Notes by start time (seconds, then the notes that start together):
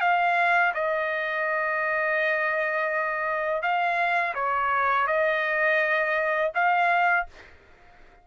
0.00 F5
0.74 D#5
3.61 F5
4.34 C#5
5.07 D#5
6.54 F5